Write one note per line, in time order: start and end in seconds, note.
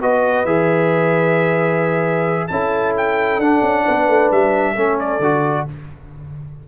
0.00 0.45 B3
0.00 0.47 F#4
0.00 2.48 B4
0.00 0.46 D#5
0.45 2.48 E3
0.45 2.50 G#4
0.45 2.48 E5
2.48 3.39 C#4
2.48 3.41 E4
2.48 3.85 A4
2.48 2.93 A5
2.97 3.41 G5
3.39 3.61 D4
3.39 4.76 D4
3.39 4.31 F#5
3.62 3.85 C#4
3.85 4.08 B3
3.85 4.74 B4
4.08 4.31 A3
4.31 4.76 G3
4.31 4.99 E5
4.74 5.20 A3
4.74 5.21 C#4
4.74 5.64 A4
5.00 5.67 D5
5.20 5.65 D3
5.20 5.68 F#4